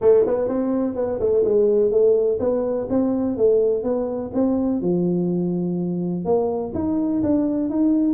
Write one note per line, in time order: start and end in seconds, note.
0.01 0.25 A3
0.26 0.48 B3
0.48 0.95 C4
0.95 1.19 B3
1.20 1.44 A3
1.44 1.91 G#3
1.91 2.39 A3
2.39 2.87 B3
2.89 3.37 C4
3.37 3.83 A3
3.83 4.31 B3
4.33 4.81 C4
4.81 6.24 F3
6.24 6.72 A#3
6.74 7.22 D#4
7.22 7.69 D4
7.69 8.14 D#4